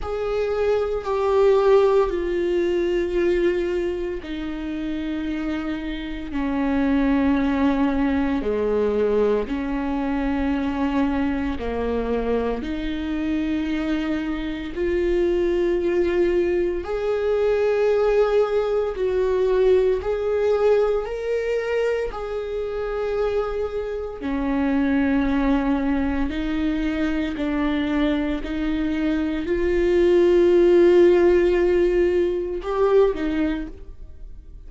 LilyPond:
\new Staff \with { instrumentName = "viola" } { \time 4/4 \tempo 4 = 57 gis'4 g'4 f'2 | dis'2 cis'2 | gis4 cis'2 ais4 | dis'2 f'2 |
gis'2 fis'4 gis'4 | ais'4 gis'2 cis'4~ | cis'4 dis'4 d'4 dis'4 | f'2. g'8 dis'8 | }